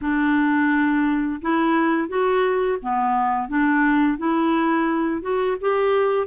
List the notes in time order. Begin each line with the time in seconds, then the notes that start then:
0.01 D4
1.41 E4
2.08 F#4
2.82 B3
3.48 D4
4.18 E4
5.21 F#4
5.60 G4